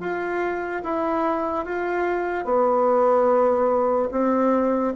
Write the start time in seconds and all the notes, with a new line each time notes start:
0.00 F4
0.84 E4
1.66 F4
2.45 B3
4.11 C4